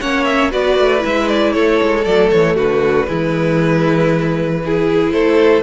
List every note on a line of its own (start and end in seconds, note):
0.00 0.53 A#3
0.00 0.51 C#4
0.00 0.51 C#5
0.00 0.25 F#5
0.25 0.50 E5
0.51 0.78 B3
0.51 0.99 F#4
0.51 1.53 B4
0.51 1.04 D5
0.78 1.04 A3
0.99 2.01 E4
1.05 1.54 G#3
1.05 1.27 E5
1.27 1.53 D5
1.53 1.80 A3
1.53 2.55 A4
1.53 2.04 C#5
1.82 2.06 G#3
2.04 2.31 F#3
2.04 3.07 A3
2.04 2.30 D5
2.30 2.57 E3
2.30 2.56 C#5
2.55 3.09 D3
2.55 3.06 F#4
2.55 5.12 B4
3.07 5.12 E3
3.07 4.60 G#3
3.07 4.61 E4
4.65 5.62 E4
4.65 5.13 G#4
5.12 5.62 A3
5.12 5.62 A4
5.12 5.62 C5